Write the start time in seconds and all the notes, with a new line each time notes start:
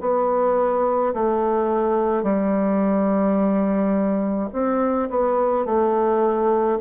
0.00 B3
1.14 A3
2.23 G3
4.52 C4
5.10 B3
5.66 A3